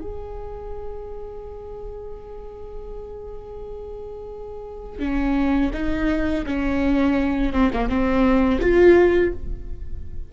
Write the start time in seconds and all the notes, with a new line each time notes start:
0.00 G#4
4.99 C#4
5.73 D#4
6.46 C#4
7.53 C4
7.73 A#3
7.88 C4
8.61 F4